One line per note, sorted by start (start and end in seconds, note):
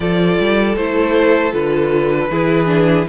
0.00 0.38 F3
0.00 0.76 F4
0.00 2.31 A4
0.00 0.75 D5
0.39 0.76 G3
0.76 1.52 A3
0.76 1.51 E4
0.76 1.53 C5
1.51 2.29 D3
1.51 2.28 F4
1.51 3.08 B4
2.30 3.07 E3
2.30 2.66 E4
2.30 3.08 G#4
2.66 3.04 D4